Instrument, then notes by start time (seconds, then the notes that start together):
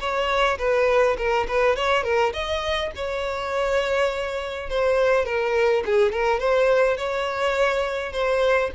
violin
0.00 C#5
0.59 B4
1.18 A#4
1.48 B4
1.76 C#5
2.04 A#4
2.33 D#5
2.95 C#5
4.70 C5
5.25 A#4
5.86 G#4
6.12 A#4
6.40 C5
6.97 C#5
8.13 C5